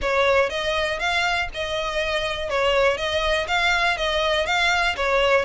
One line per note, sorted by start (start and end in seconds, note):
0.01 0.49 C#5
0.49 0.99 D#5
0.99 1.48 F5
1.53 2.49 D#5
2.49 2.97 C#5
2.97 3.46 D#5
3.47 3.97 F5
3.97 4.46 D#5
4.46 4.95 F5
4.96 5.45 C#5